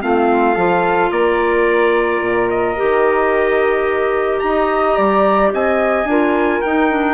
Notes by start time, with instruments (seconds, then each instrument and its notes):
0.00 bassoon A3, clarinet C4, flute F4, trumpet F5
0.54 bassoon F3, clarinet F4, flute A4
1.11 bassoon A#3, flute A#4, trumpet D5
2.21 bassoon A#2
2.50 trumpet D#5
2.76 bassoon D#3, clarinet G4
4.39 bassoon D#4, flute D#5, trumpet A#5
4.97 bassoon G3, flute D5
5.53 bassoon C4, flute D#5, trumpet G#5
6.04 bassoon D4, clarinet F4, flute A#4
6.61 clarinet D#4, bassoon D#4, trumpet G5
6.91 clarinet D4